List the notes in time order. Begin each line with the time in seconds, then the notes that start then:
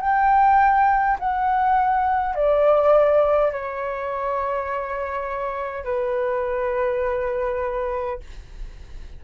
0.00 G5
1.19 F#5
2.35 D5
3.52 C#5
5.84 B4